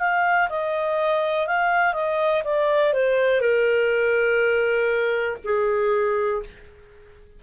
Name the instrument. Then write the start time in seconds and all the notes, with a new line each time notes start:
clarinet
0.00 F5
0.50 D#5
1.48 F5
1.94 D#5
2.45 D5
2.94 C5
3.41 A#4
5.45 G#4